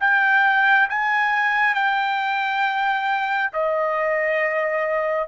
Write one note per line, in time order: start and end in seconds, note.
0.00 0.88 G5
0.89 1.74 G#5
1.74 3.51 G5
3.53 5.28 D#5